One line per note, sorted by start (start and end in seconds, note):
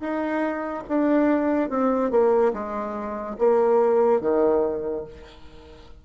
0.00 0.83 D#4
0.88 1.70 D4
1.70 2.11 C4
2.11 2.53 A#3
2.53 3.36 G#3
3.38 4.21 A#3
4.21 5.04 D#3